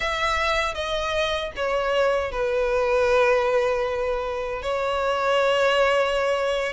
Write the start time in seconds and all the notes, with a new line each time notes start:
0.00 E5
0.74 D#5
1.56 C#5
2.31 B4
4.62 C#5